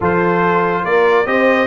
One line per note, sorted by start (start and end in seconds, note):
0.00 0.84 F3
0.00 1.26 F4
0.00 0.84 A4
0.00 0.84 C5
0.84 1.26 A#3
0.84 1.26 A#4
0.84 1.26 D5
1.26 1.67 C4
1.26 1.67 G4
1.26 1.67 C5
1.26 1.67 D#5